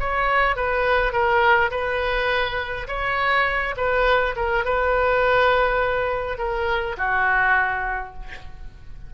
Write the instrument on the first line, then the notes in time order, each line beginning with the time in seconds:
oboe
0.00 C#5
0.56 B4
1.12 A#4
1.71 B4
2.88 C#5
3.77 B4
4.36 A#4
4.65 B4
6.38 A#4
6.97 F#4